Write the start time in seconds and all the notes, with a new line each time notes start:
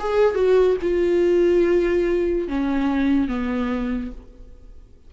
0.00 G#4
0.35 F#4
0.82 F4
2.48 C#4
3.28 B3